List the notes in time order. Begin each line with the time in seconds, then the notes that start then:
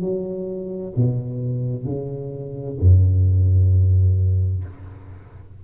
0.00 F#3
0.96 B2
1.84 C#3
2.79 F#2